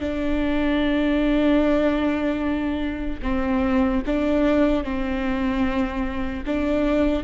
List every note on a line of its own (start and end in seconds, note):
0.00 3.20 D4
3.23 4.03 C4
4.06 4.84 D4
4.84 6.44 C4
6.46 7.24 D4